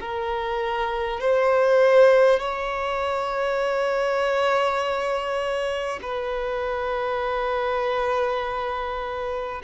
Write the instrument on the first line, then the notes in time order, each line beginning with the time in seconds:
violin
0.00 A#4
1.20 C5
2.39 C#5
6.02 B4